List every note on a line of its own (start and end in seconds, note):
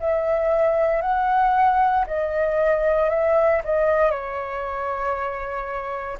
0.00 1.02 E5
1.02 2.05 F#5
2.06 3.09 D#5
3.09 3.61 E5
3.64 4.11 D#5
4.11 6.18 C#5